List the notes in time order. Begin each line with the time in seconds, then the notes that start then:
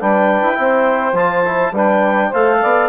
0.00 G3 D4 B4 G5
0.43 E4
0.55 C4 E4 C5
1.13 F3 F4 A5
1.45 E4
1.72 G3 D4 B4 G5
2.28 A3 A4 C5 F5
2.62 B3 D5